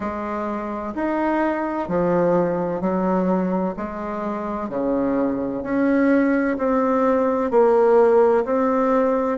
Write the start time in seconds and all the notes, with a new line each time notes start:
0.00 G#3
0.94 D#4
1.88 F3
2.80 F#3
3.76 G#3
4.69 C#3
5.63 C#4
6.57 C4
7.50 A#3
8.44 C4